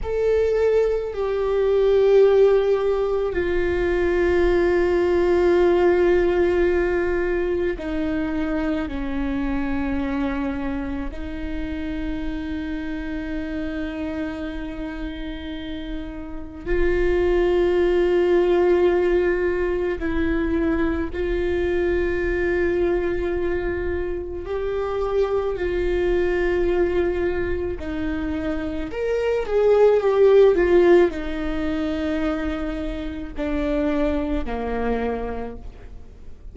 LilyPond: \new Staff \with { instrumentName = "viola" } { \time 4/4 \tempo 4 = 54 a'4 g'2 f'4~ | f'2. dis'4 | cis'2 dis'2~ | dis'2. f'4~ |
f'2 e'4 f'4~ | f'2 g'4 f'4~ | f'4 dis'4 ais'8 gis'8 g'8 f'8 | dis'2 d'4 ais4 | }